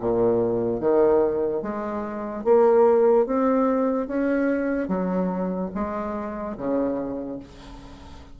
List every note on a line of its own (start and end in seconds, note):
0.00 0.81 A#2
0.81 1.63 D#3
1.63 2.44 G#3
2.44 3.27 A#3
3.27 4.08 C4
4.08 4.89 C#4
4.89 5.71 F#3
5.75 6.57 G#3
6.58 7.40 C#3